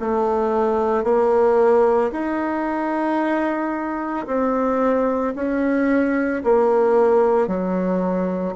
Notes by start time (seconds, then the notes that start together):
0.00 A3
1.04 A#3
2.12 D#4
4.27 C4
5.36 C#4
6.44 A#3
7.48 F#3